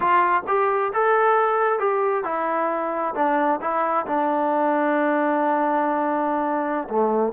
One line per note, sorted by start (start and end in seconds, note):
0.00 0.42 F4
0.47 0.92 G4
0.93 1.79 A4
1.79 2.24 G4
2.24 3.14 E4
3.14 3.59 D4
3.61 4.06 E4
4.06 6.88 D4
6.89 7.32 A3